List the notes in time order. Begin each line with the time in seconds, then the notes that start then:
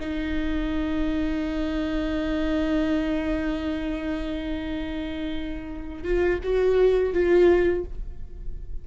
0.00 D#4
6.04 F4
6.43 F#4
7.13 F4